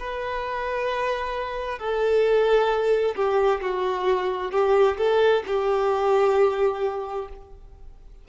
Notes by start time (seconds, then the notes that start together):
0.00 B4
1.79 A4
3.16 G4
3.62 F#4
4.52 G4
4.98 A4
5.47 G4